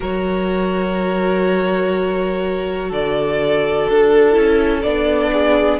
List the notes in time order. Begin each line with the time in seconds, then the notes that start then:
0.00 F#3 F#4 A#4 C#5
2.89 D3 A4 D5
3.89 D4 A4
4.32 C#4 E4
4.82 B3 D4 D5
5.32 G#4